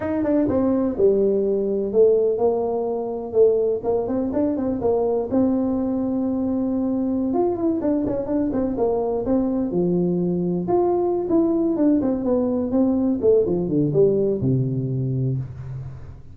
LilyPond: \new Staff \with { instrumentName = "tuba" } { \time 4/4 \tempo 4 = 125 dis'8 d'8 c'4 g2 | a4 ais2 a4 | ais8 c'8 d'8 c'8 ais4 c'4~ | c'2.~ c'16 f'8 e'16~ |
e'16 d'8 cis'8 d'8 c'8 ais4 c'8.~ | c'16 f2 f'4~ f'16 e'8~ | e'8 d'8 c'8 b4 c'4 a8 | f8 d8 g4 c2 | }